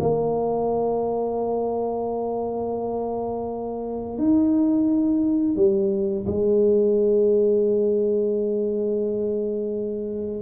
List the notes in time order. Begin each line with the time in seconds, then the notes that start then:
0.00 A#3
4.18 D#4
5.56 G3
6.27 G#3